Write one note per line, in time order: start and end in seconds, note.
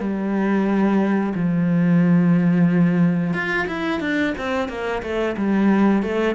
0.00 1.33 G3
1.35 3.33 F3
3.33 3.67 F4
3.67 4.00 E4
4.00 4.34 D4
4.38 4.69 C4
4.69 5.02 A#3
5.03 5.36 A3
5.37 6.02 G3
6.02 6.35 A3